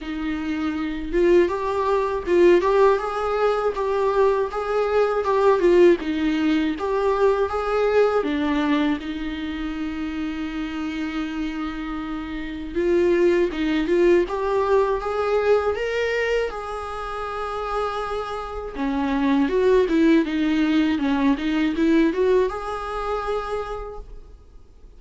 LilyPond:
\new Staff \with { instrumentName = "viola" } { \time 4/4 \tempo 4 = 80 dis'4. f'8 g'4 f'8 g'8 | gis'4 g'4 gis'4 g'8 f'8 | dis'4 g'4 gis'4 d'4 | dis'1~ |
dis'4 f'4 dis'8 f'8 g'4 | gis'4 ais'4 gis'2~ | gis'4 cis'4 fis'8 e'8 dis'4 | cis'8 dis'8 e'8 fis'8 gis'2 | }